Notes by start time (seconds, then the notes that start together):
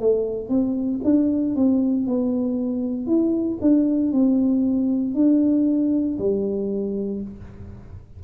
0.00 A3
0.49 C4
1.04 D4
1.56 C4
2.07 B3
3.07 E4
3.62 D4
4.12 C4
5.15 D4
6.19 G3